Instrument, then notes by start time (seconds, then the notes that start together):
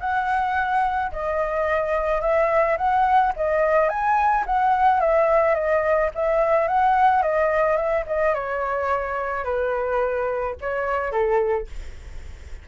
flute
0.00 F#5
1.12 D#5
2.21 E5
2.77 F#5
3.36 D#5
3.89 G#5
4.46 F#5
5.00 E5
5.55 D#5
6.14 E5
6.67 F#5
7.22 D#5
7.76 E5
8.06 D#5
8.34 C#5
9.44 B4
10.61 C#5
11.11 A4